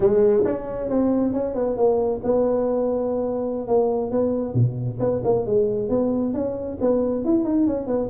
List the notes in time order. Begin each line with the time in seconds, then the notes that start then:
0.00 G#3
0.44 C#4
0.89 C4
1.33 C#4
1.54 B3
1.76 A#3
2.23 B3
3.67 A#3
4.11 B3
4.53 B2
4.99 B3
5.24 A#3
5.45 G#3
5.89 B3
6.33 C#4
6.80 B3
7.24 E4
7.44 D#4
7.66 C#4
7.86 B3